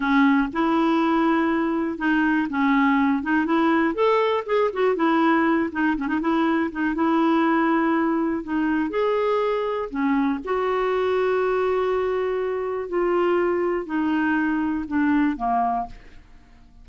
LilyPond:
\new Staff \with { instrumentName = "clarinet" } { \time 4/4 \tempo 4 = 121 cis'4 e'2. | dis'4 cis'4. dis'8 e'4 | a'4 gis'8 fis'8 e'4. dis'8 | cis'16 dis'16 e'4 dis'8 e'2~ |
e'4 dis'4 gis'2 | cis'4 fis'2.~ | fis'2 f'2 | dis'2 d'4 ais4 | }